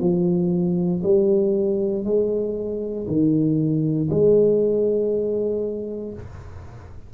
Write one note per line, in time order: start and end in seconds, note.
0.00 1.02 F3
1.03 2.04 G3
2.04 3.06 G#3
3.07 4.09 D#3
4.10 6.13 G#3